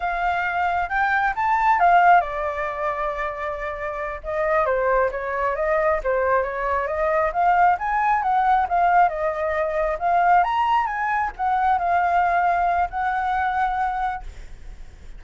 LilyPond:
\new Staff \with { instrumentName = "flute" } { \time 4/4 \tempo 4 = 135 f''2 g''4 a''4 | f''4 d''2.~ | d''4. dis''4 c''4 cis''8~ | cis''8 dis''4 c''4 cis''4 dis''8~ |
dis''8 f''4 gis''4 fis''4 f''8~ | f''8 dis''2 f''4 ais''8~ | ais''8 gis''4 fis''4 f''4.~ | f''4 fis''2. | }